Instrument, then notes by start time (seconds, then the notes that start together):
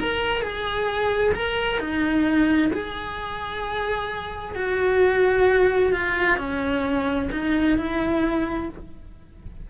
cello
0.00 A#4
0.42 G#4
1.35 A#4
1.80 D#4
2.73 G#4
4.56 F#4
5.93 F4
6.38 C#4
7.32 D#4
7.78 E4